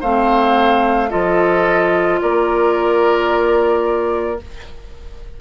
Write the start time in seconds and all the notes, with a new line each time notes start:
0.00 A3 C4 C5 F5
1.09 F3 F4 A4 D#5
2.21 A#3 A#4 D5